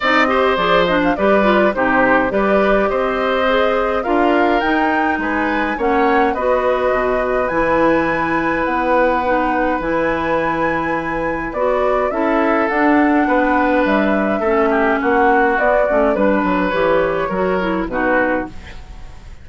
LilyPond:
<<
  \new Staff \with { instrumentName = "flute" } { \time 4/4 \tempo 4 = 104 dis''4 d''8 dis''16 f''16 d''4 c''4 | d''4 dis''2 f''4 | g''4 gis''4 fis''4 dis''4~ | dis''4 gis''2 fis''4~ |
fis''4 gis''2. | d''4 e''4 fis''2 | e''2 fis''4 d''4 | b'4 cis''2 b'4 | }
  \new Staff \with { instrumentName = "oboe" } { \time 4/4 d''8 c''4. b'4 g'4 | b'4 c''2 ais'4~ | ais'4 b'4 cis''4 b'4~ | b'1~ |
b'1~ | b'4 a'2 b'4~ | b'4 a'8 g'8 fis'2 | b'2 ais'4 fis'4 | }
  \new Staff \with { instrumentName = "clarinet" } { \time 4/4 dis'8 g'8 gis'8 d'8 g'8 f'8 dis'4 | g'2 gis'4 f'4 | dis'2 cis'4 fis'4~ | fis'4 e'2. |
dis'4 e'2. | fis'4 e'4 d'2~ | d'4 cis'2 b8 cis'8 | d'4 g'4 fis'8 e'8 dis'4 | }
  \new Staff \with { instrumentName = "bassoon" } { \time 4/4 c'4 f4 g4 c4 | g4 c'2 d'4 | dis'4 gis4 ais4 b4 | b,4 e2 b4~ |
b4 e2. | b4 cis'4 d'4 b4 | g4 a4 ais4 b8 a8 | g8 fis8 e4 fis4 b,4 | }
>>